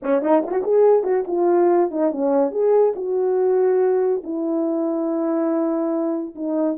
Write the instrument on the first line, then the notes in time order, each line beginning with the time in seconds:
horn
0.02 C#4
0.22 D#4
0.46 F4 F#4
0.63 G#4
1.03 F#4
1.27 F4
1.90 D#4
2.11 C#4
2.51 G#4
2.95 F#4
4.23 E4
6.35 D#4